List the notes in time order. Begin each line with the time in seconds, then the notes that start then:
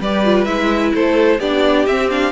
0.00 G3 G4 B4 D5
0.25 F4
0.45 G#3 E4 E5
0.95 A3 A4 C5
1.40 B3 D4 G4 D5
1.87 C4 E5
2.11 D4 F5